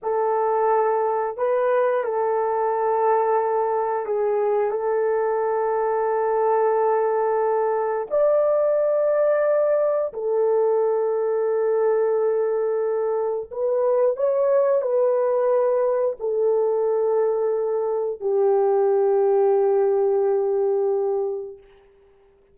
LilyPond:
\new Staff \with { instrumentName = "horn" } { \time 4/4 \tempo 4 = 89 a'2 b'4 a'4~ | a'2 gis'4 a'4~ | a'1 | d''2. a'4~ |
a'1 | b'4 cis''4 b'2 | a'2. g'4~ | g'1 | }